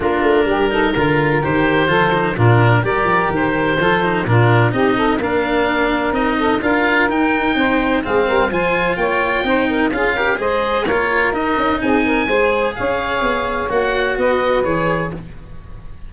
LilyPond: <<
  \new Staff \with { instrumentName = "oboe" } { \time 4/4 \tempo 4 = 127 ais'2. c''4~ | c''4 ais'4 d''4 c''4~ | c''4 ais'4 dis''4 f''4~ | f''4 dis''4 f''4 g''4~ |
g''4 f''4 gis''4 g''4~ | g''4 f''4 dis''4 cis''4 | dis''4 gis''2 f''4~ | f''4 fis''4 dis''4 cis''4 | }
  \new Staff \with { instrumentName = "saxophone" } { \time 4/4 f'4 g'8 a'8 ais'2 | a'4 f'4 ais'2 | a'4 f'4 g'8 a'8 ais'4~ | ais'4. a'8 ais'2 |
c''4 gis'8 ais'8 c''4 cis''4 | c''8 ais'8 gis'8 ais'8 c''4 ais'4~ | ais'4 gis'8 ais'8 c''4 cis''4~ | cis''2 b'2 | }
  \new Staff \with { instrumentName = "cello" } { \time 4/4 d'4. dis'8 f'4 g'4 | f'8 dis'8 d'4 g'2 | f'8 dis'8 d'4 dis'4 d'4~ | d'4 dis'4 f'4 dis'4~ |
dis'4 c'4 f'2 | dis'4 f'8 g'8 gis'4 f'4 | dis'2 gis'2~ | gis'4 fis'2 gis'4 | }
  \new Staff \with { instrumentName = "tuba" } { \time 4/4 ais8 a8 g4 d4 dis4 | f4 ais,4 g8 f8 dis4 | f4 ais,4 c'4 ais4~ | ais4 c'4 d'4 dis'4 |
c'4 gis8 g8 f4 ais4 | c'4 cis'4 gis4 ais4 | dis'8 cis'8 c'4 gis4 cis'4 | b4 ais4 b4 e4 | }
>>